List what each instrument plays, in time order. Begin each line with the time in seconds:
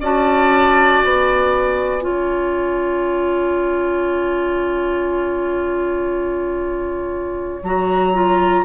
0.00 bassoon C#4, clarinet F#4, oboe D5, flute A5
1.02 bassoon B3, flute G#5
2.01 bassoon C#4, clarinet F4, oboe C#5
7.63 bassoon F#3, clarinet F#4, flute A#5
8.14 clarinet F4